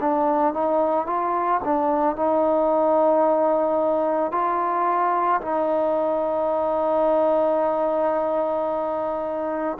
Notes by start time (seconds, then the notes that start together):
0.00 D4
0.53 D#4
1.06 F4
1.64 D4
2.16 D#4
4.31 F4
5.41 D#4